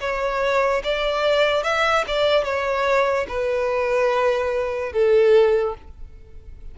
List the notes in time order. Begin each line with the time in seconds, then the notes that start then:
0.00 C#5
0.84 D5
1.63 E5
2.07 D5
2.44 C#5
3.28 B4
4.92 A4